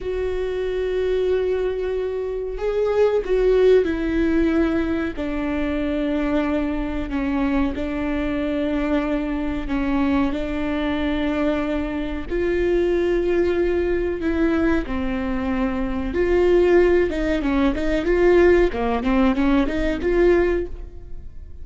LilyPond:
\new Staff \with { instrumentName = "viola" } { \time 4/4 \tempo 4 = 93 fis'1 | gis'4 fis'4 e'2 | d'2. cis'4 | d'2. cis'4 |
d'2. f'4~ | f'2 e'4 c'4~ | c'4 f'4. dis'8 cis'8 dis'8 | f'4 ais8 c'8 cis'8 dis'8 f'4 | }